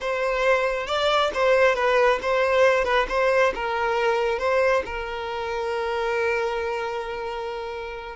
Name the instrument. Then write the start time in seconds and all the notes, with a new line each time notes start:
violin
0.00 C5
0.86 D5
1.34 C5
1.75 B4
2.22 C5
2.84 B4
3.09 C5
3.54 A#4
4.38 C5
4.85 A#4